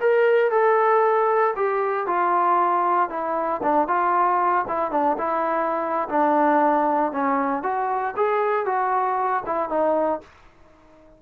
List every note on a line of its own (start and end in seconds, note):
0.00 0.51 A#4
0.51 1.54 A4
1.56 2.07 G4
2.07 3.09 F4
3.09 3.61 E4
3.63 3.87 D4
3.87 4.65 F4
4.68 4.91 E4
4.91 5.17 D4
5.18 6.08 E4
6.08 7.12 D4
7.12 7.62 C#4
7.62 8.14 F#4
8.16 8.65 G#4
8.65 9.43 F#4
9.46 9.69 E4
9.69 10.21 D#4